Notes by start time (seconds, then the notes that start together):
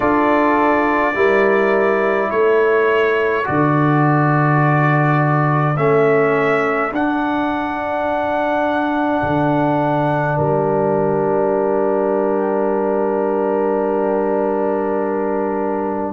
0.00 D4 F4 A4 D5
1.13 G3 E4 A#4
2.30 A3 A4 C#5
3.44 D3 F#4 D5
5.76 A3 C#4 E5
6.91 D4 F#5
9.23 D3
10.36 G3 A#4 G5